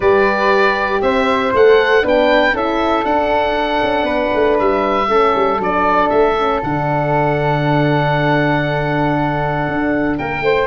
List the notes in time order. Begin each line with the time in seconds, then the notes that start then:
0.00 G3 G4 B4 D5
1.01 C4 C5 E5
1.53 A3 A4 F#5
2.02 B3 D4 B4 G5
2.52 C#4 E4 A4 E5
3.04 D4 F#5
3.82 C#4
4.03 B3 B4
4.34 A3
4.59 G3 E5
5.08 A3 C#4 A4
5.35 G3
5.58 F#3 D4 D5
6.09 A3 E5
6.39 C#4
6.63 D3 D4 F#5
9.67 D4
10.17 A#3 A#4 G5
10.41 A3 C5